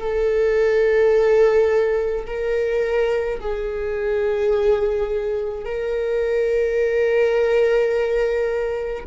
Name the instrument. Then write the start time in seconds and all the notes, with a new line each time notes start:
viola
0.00 A4
2.26 A#4
3.40 G#4
5.65 A#4